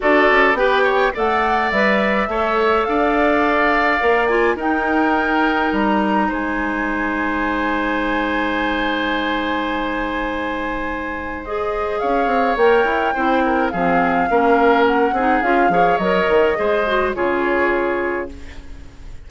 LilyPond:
<<
  \new Staff \with { instrumentName = "flute" } { \time 4/4 \tempo 4 = 105 d''4 g''4 fis''4 e''4~ | e''4 f''2~ f''8 gis''8 | g''2 ais''4 gis''4~ | gis''1~ |
gis''1 | dis''4 f''4 g''2 | f''2 fis''4 f''4 | dis''2 cis''2 | }
  \new Staff \with { instrumentName = "oboe" } { \time 4/4 a'4 b'8 cis''8 d''2 | cis''4 d''2. | ais'2. c''4~ | c''1~ |
c''1~ | c''4 cis''2 c''8 ais'8 | gis'4 ais'4. gis'4 cis''8~ | cis''4 c''4 gis'2 | }
  \new Staff \with { instrumentName = "clarinet" } { \time 4/4 fis'4 g'4 a'4 b'4 | a'2. ais'8 f'8 | dis'1~ | dis'1~ |
dis'1 | gis'2 ais'4 e'4 | c'4 cis'4. dis'8 f'8 gis'8 | ais'4 gis'8 fis'8 f'2 | }
  \new Staff \with { instrumentName = "bassoon" } { \time 4/4 d'8 cis'8 b4 a4 g4 | a4 d'2 ais4 | dis'2 g4 gis4~ | gis1~ |
gis1~ | gis4 cis'8 c'8 ais8 e'8 c'4 | f4 ais4. c'8 cis'8 f8 | fis8 dis8 gis4 cis2 | }
>>